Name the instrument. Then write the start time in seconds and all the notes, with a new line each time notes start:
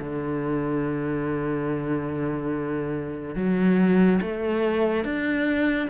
cello
0.00 D3
3.35 F#3
4.21 A3
5.05 D4